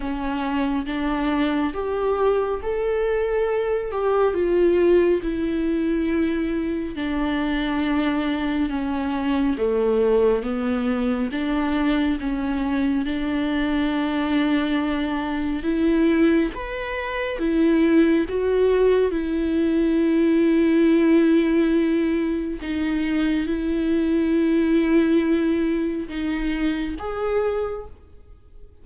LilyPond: \new Staff \with { instrumentName = "viola" } { \time 4/4 \tempo 4 = 69 cis'4 d'4 g'4 a'4~ | a'8 g'8 f'4 e'2 | d'2 cis'4 a4 | b4 d'4 cis'4 d'4~ |
d'2 e'4 b'4 | e'4 fis'4 e'2~ | e'2 dis'4 e'4~ | e'2 dis'4 gis'4 | }